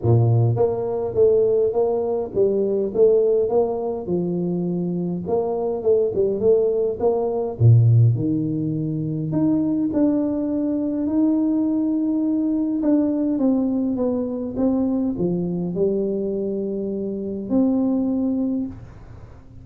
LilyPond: \new Staff \with { instrumentName = "tuba" } { \time 4/4 \tempo 4 = 103 ais,4 ais4 a4 ais4 | g4 a4 ais4 f4~ | f4 ais4 a8 g8 a4 | ais4 ais,4 dis2 |
dis'4 d'2 dis'4~ | dis'2 d'4 c'4 | b4 c'4 f4 g4~ | g2 c'2 | }